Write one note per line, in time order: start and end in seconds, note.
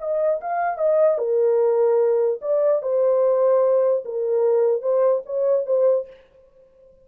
0.00 0.41 D#5
0.41 0.78 F5
0.78 1.18 D#5
1.18 2.40 A#4
2.42 2.82 D5
2.82 4.04 C5
4.05 4.82 A#4
4.82 5.22 C5
5.26 5.66 C#5
5.67 6.07 C5